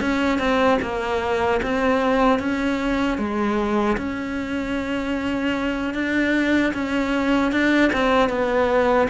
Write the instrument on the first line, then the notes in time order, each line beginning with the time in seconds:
cello
0.00 C#4
0.38 C4
0.81 A#3
1.62 C4
2.39 C#4
3.17 G#3
3.97 C#4
5.94 D4
6.73 C#4
7.51 D4
7.92 C4
8.29 B3